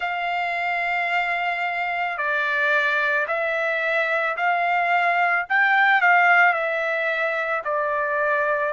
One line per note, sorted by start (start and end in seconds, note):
0.00 2.17 F5
2.17 3.26 D5
3.27 4.36 E5
4.36 5.45 F5
5.48 6.00 G5
6.00 6.53 F5
6.53 7.62 E5
7.64 8.73 D5